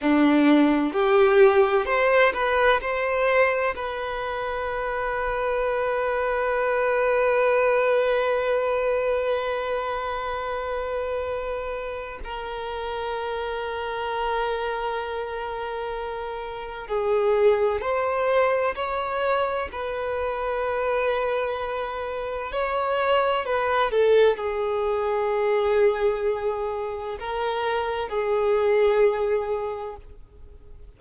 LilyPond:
\new Staff \with { instrumentName = "violin" } { \time 4/4 \tempo 4 = 64 d'4 g'4 c''8 b'8 c''4 | b'1~ | b'1~ | b'4 ais'2.~ |
ais'2 gis'4 c''4 | cis''4 b'2. | cis''4 b'8 a'8 gis'2~ | gis'4 ais'4 gis'2 | }